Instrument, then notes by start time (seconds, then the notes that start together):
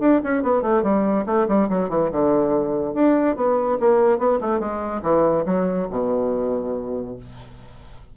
bassoon
0.00 D4
0.24 C#4
0.43 B3
0.62 A3
0.83 G3
1.26 A3
1.48 G3
1.70 F#3
1.89 E3
2.12 D3
2.94 D4
3.36 B3
3.80 A#3
4.18 B3
4.41 A3
4.60 G#3
5.03 E3
5.46 F#3
5.91 B2